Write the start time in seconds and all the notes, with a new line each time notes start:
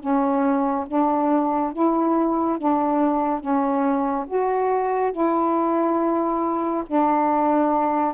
0.00 C#4
0.88 D4
1.73 E4
2.58 D4
3.40 C#4
4.27 F#4
5.12 E4
6.87 D4